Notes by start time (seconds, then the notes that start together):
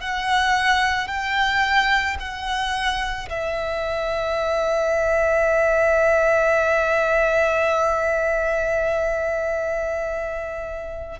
0.00 F#5
1.08 G5
2.20 F#5
3.29 E5